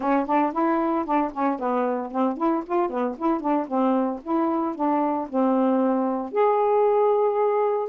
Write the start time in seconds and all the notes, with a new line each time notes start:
0.00 C#4
0.26 D4
0.52 E4
1.05 D4
1.33 C#4
1.59 B3
2.11 C4
2.37 E4
2.66 F4
2.89 B3
3.17 E4
3.40 D4
3.67 C4
4.22 E4
4.75 D4
5.29 C4
6.32 G#4